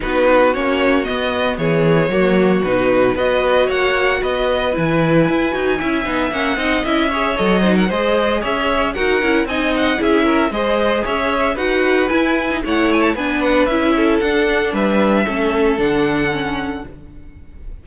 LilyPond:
<<
  \new Staff \with { instrumentName = "violin" } { \time 4/4 \tempo 4 = 114 b'4 cis''4 dis''4 cis''4~ | cis''4 b'4 dis''4 fis''4 | dis''4 gis''2. | fis''4 e''4 dis''8. fis''16 dis''4 |
e''4 fis''4 gis''8 fis''8 e''4 | dis''4 e''4 fis''4 gis''4 | fis''8 gis''16 a''16 gis''8 fis''8 e''4 fis''4 | e''2 fis''2 | }
  \new Staff \with { instrumentName = "violin" } { \time 4/4 fis'2. gis'4 | fis'2 b'4 cis''4 | b'2. e''4~ | e''8 dis''4 cis''4 c''16 ais'16 c''4 |
cis''4 ais'4 dis''4 gis'8 ais'8 | c''4 cis''4 b'2 | cis''4 b'4. a'4. | b'4 a'2. | }
  \new Staff \with { instrumentName = "viola" } { \time 4/4 dis'4 cis'4 b2 | ais4 dis'4 fis'2~ | fis'4 e'4. fis'8 e'8 dis'8 | cis'8 dis'8 e'8 gis'8 a'8 dis'8 gis'4~ |
gis'4 fis'8 e'8 dis'4 e'4 | gis'2 fis'4 e'8. dis'16 | e'4 d'4 e'4 d'4~ | d'4 cis'4 d'4 cis'4 | }
  \new Staff \with { instrumentName = "cello" } { \time 4/4 b4 ais4 b4 e4 | fis4 b,4 b4 ais4 | b4 e4 e'8 dis'8 cis'8 b8 | ais8 c'8 cis'4 fis4 gis4 |
cis'4 dis'8 cis'8 c'4 cis'4 | gis4 cis'4 dis'4 e'4 | a4 b4 cis'4 d'4 | g4 a4 d2 | }
>>